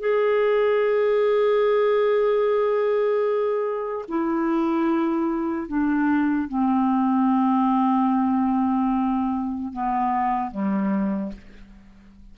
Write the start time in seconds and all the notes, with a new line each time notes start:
0.00 G#4
4.08 E4
5.68 D4
6.48 C4
9.73 B3
10.51 G3